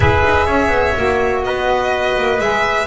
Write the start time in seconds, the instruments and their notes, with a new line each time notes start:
0.00 double bass E4, saxophone G#4, trumpet B4, violin E5
0.24 double bass D#4
0.46 double bass C#4, trumpet C#5
0.68 double bass B3
0.96 double bass A#3, saxophone F#4
1.44 double bass B3, trumpet B4, violin D#5
2.17 double bass A#3
2.39 double bass G#3, saxophone G#4, violin E5